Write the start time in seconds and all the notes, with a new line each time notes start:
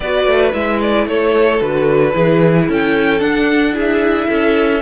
0.00 B3 F#4 B4 D5
0.26 A3
0.52 G#3 E4 E5
0.81 D5
1.07 A3 A4 C#5
1.60 D3 F#4 B4
2.12 E3 E4 G#4
2.67 C#4 A4 G5
3.19 D4 F#5
3.73 E4 G#4
3.79 E5
4.29 C#4 A4